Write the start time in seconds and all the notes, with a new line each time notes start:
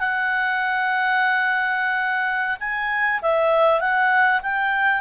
0.00 F#5
2.60 G#5
3.22 E5
3.81 F#5
4.43 G5